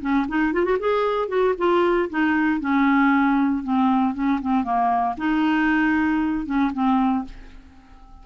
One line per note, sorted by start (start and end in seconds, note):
0.00 0.26 C#4
0.28 0.52 D#4
0.52 0.64 F4
0.64 0.77 F#4
0.79 1.28 G#4
1.28 1.54 F#4
1.58 2.09 F4
2.09 2.60 D#4
2.60 3.63 C#4
3.63 4.14 C4
4.14 4.40 C#4
4.41 4.63 C4
4.63 5.15 A#3
5.17 6.45 D#4
6.45 6.71 C#4
6.73 7.24 C4